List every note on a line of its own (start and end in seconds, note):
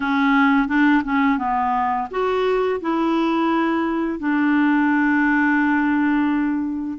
0.00 0.68 C#4
0.68 1.02 D4
1.03 1.38 C#4
1.38 2.07 B3
2.10 2.80 F#4
2.80 4.19 E4
4.19 6.98 D4